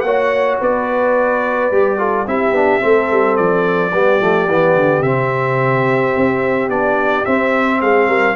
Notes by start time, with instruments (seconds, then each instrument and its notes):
0.00 tuba A#3, trombone F#4, horn C#5, trumpet F#5
0.60 tuba B3, horn B4, trumpet D5
1.71 tuba G3, trombone G4
1.98 trombone F4, horn A4
2.27 tuba C4, trombone E4, horn G4, trumpet E5
2.51 tuba B3, trombone D4
2.80 tuba A3, trombone C4, horn A4
3.11 tuba G3
3.36 tuba F3, trumpet D5
3.91 tuba G3, trombone B3, horn G4
4.20 tuba F3, trombone A3
4.48 tuba E3, trombone B3
4.75 tuba D3
5.00 tuba C3, trombone C4, trumpet E5
6.16 tuba C4
6.69 tuba B3, trombone D4, trumpet D5
7.25 trombone C4, tuba C4, trumpet E5
7.80 tuba G#3, horn G#4, trumpet F5
8.07 tuba G3, horn A#4